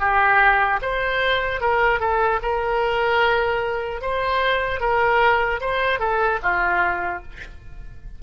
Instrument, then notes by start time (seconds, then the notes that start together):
oboe
0.00 G4
0.82 C5
1.61 A#4
2.00 A4
2.43 A#4
4.02 C5
4.81 A#4
5.61 C5
6.00 A4
6.43 F4